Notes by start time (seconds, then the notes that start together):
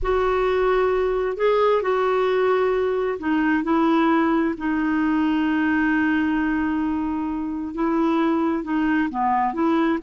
0.02 F#4
1.36 G#4
1.82 F#4
3.19 D#4
3.63 E4
4.57 D#4
7.74 E4
8.63 D#4
9.10 B3
9.53 E4